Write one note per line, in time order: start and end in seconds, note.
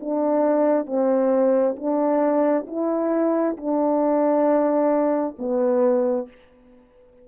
0.00 0.86 D4
0.86 1.75 C4
1.76 2.65 D4
2.67 3.56 E4
3.57 5.36 D4
5.39 6.28 B3